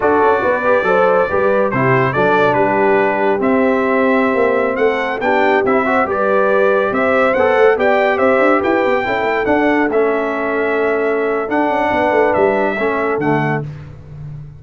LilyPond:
<<
  \new Staff \with { instrumentName = "trumpet" } { \time 4/4 \tempo 4 = 141 d''1 | c''4 d''4 b'2 | e''2.~ e''16 fis''8.~ | fis''16 g''4 e''4 d''4.~ d''16~ |
d''16 e''4 fis''4 g''4 e''8.~ | e''16 g''2 fis''4 e''8.~ | e''2. fis''4~ | fis''4 e''2 fis''4 | }
  \new Staff \with { instrumentName = "horn" } { \time 4/4 a'4 b'4 c''4 b'4 | g'4 a'4 g'2~ | g'2.~ g'16 a'8.~ | a'16 g'4. c''8 b'4.~ b'16~ |
b'16 c''2 d''4 c''8.~ | c''16 b'4 a'2~ a'8.~ | a'1 | b'2 a'2 | }
  \new Staff \with { instrumentName = "trombone" } { \time 4/4 fis'4. g'8 a'4 g'4 | e'4 d'2. | c'1~ | c'16 d'4 e'8 fis'8 g'4.~ g'16~ |
g'4~ g'16 a'4 g'4.~ g'16~ | g'4~ g'16 e'4 d'4 cis'8.~ | cis'2. d'4~ | d'2 cis'4 a4 | }
  \new Staff \with { instrumentName = "tuba" } { \time 4/4 d'8 cis'8 b4 fis4 g4 | c4 fis4 g2 | c'2~ c'16 ais4 a8.~ | a16 b4 c'4 g4.~ g16~ |
g16 c'4 b8 a8 b4 c'8 d'16~ | d'16 e'8 b8 cis'8 a8 d'4 a8.~ | a2. d'8 cis'8 | b8 a8 g4 a4 d4 | }
>>